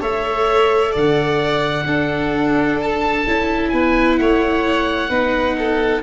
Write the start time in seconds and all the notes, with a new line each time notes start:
0.00 A3 A4 C#5 E5
0.91 D3 D5 F#5
1.85 D4 A4
2.81 A5
3.26 C#4 E4
3.69 B3 B4 G#5
4.17 A3 C#5 F#5
5.09 B3 D#4 B4
5.58 A4